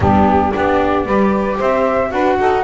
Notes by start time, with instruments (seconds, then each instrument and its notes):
0.00 double bass G3, viola B3, saxophone D4, flute G4
0.51 double bass B3, viola D4, saxophone G4, flute D5
1.05 double bass G3, viola G4, saxophone B4
1.58 double bass C4, saxophone C5, flute E5
2.10 double bass D4, viola F#4, saxophone B4, flute F#5
2.39 double bass D#4, saxophone A4